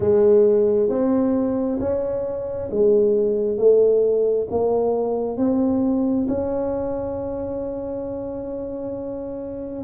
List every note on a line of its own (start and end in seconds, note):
0.00 0.89 G#3
0.89 1.79 C4
1.80 2.69 C#4
2.71 3.57 G#3
3.57 4.47 A3
4.50 5.37 A#3
5.37 6.26 C4
6.27 9.84 C#4